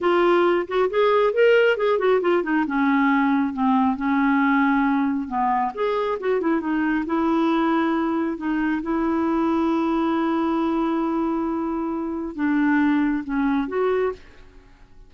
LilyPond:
\new Staff \with { instrumentName = "clarinet" } { \time 4/4 \tempo 4 = 136 f'4. fis'8 gis'4 ais'4 | gis'8 fis'8 f'8 dis'8 cis'2 | c'4 cis'2. | b4 gis'4 fis'8 e'8 dis'4 |
e'2. dis'4 | e'1~ | e'1 | d'2 cis'4 fis'4 | }